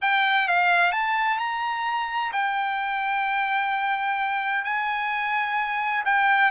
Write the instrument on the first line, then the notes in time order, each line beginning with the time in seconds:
trumpet
0.01 G5
0.48 F5
0.92 A5
1.38 A#5
2.32 G5
4.64 G#5
6.05 G5